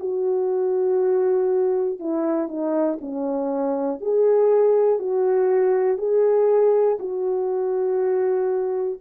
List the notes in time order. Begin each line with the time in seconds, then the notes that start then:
0.00 F#4
2.00 E4
2.48 D#4
3.01 C#4
4.01 G#4
5.00 F#4
5.98 G#4
7.00 F#4